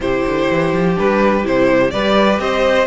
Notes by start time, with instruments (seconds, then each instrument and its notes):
0.00 cello C3, viola E4, violin G4 C5
0.26 cello D3
0.50 cello E3
0.73 cello F3
0.95 cello G3, viola D4, violin B4
1.43 cello C3, viola E4, violin C5
1.90 cello G3, viola G4, violin B4 D5
2.39 cello C4, violin C5 D#5